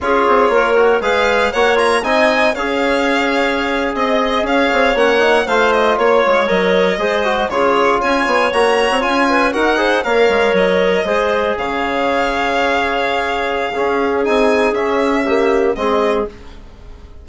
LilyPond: <<
  \new Staff \with { instrumentName = "violin" } { \time 4/4 \tempo 4 = 118 cis''2 f''4 fis''8 ais''8 | gis''4 f''2~ f''8. dis''16~ | dis''8. f''4 fis''4 f''8 dis''8 cis''16~ | cis''8. dis''2 cis''4 gis''16~ |
gis''8. ais''4 gis''4 fis''4 f''16~ | f''8. dis''2 f''4~ f''16~ | f''1 | gis''4 e''2 dis''4 | }
  \new Staff \with { instrumentName = "clarinet" } { \time 4/4 gis'4 ais'4 b'4 cis''4 | dis''4 cis''2~ cis''8. dis''16~ | dis''8. cis''2 c''4 cis''16~ | cis''4.~ cis''16 c''4 gis'4 cis''16~ |
cis''2~ cis''16 b'8 ais'8 c''8 cis''16~ | cis''4.~ cis''16 c''4 cis''4~ cis''16~ | cis''2. gis'4~ | gis'2 g'4 gis'4 | }
  \new Staff \with { instrumentName = "trombone" } { \time 4/4 f'4. fis'8 gis'4 fis'8 f'8 | dis'4 gis'2.~ | gis'4.~ gis'16 cis'8 dis'8 f'4~ f'16~ | f'8. ais'4 gis'8 fis'8 f'4~ f'16~ |
f'8. fis'4 f'4 fis'8 gis'8 ais'16~ | ais'4.~ ais'16 gis'2~ gis'16~ | gis'2. cis'4 | dis'4 cis'4 ais4 c'4 | }
  \new Staff \with { instrumentName = "bassoon" } { \time 4/4 cis'8 c'8 ais4 gis4 ais4 | c'4 cis'2~ cis'8. c'16~ | c'8. cis'8 c'8 ais4 a4 ais16~ | ais16 gis8 fis4 gis4 cis4 cis'16~ |
cis'16 b8 ais8. c'16 cis'4 dis'4 ais16~ | ais16 gis8 fis4 gis4 cis4~ cis16~ | cis2. cis'4 | c'4 cis'2 gis4 | }
>>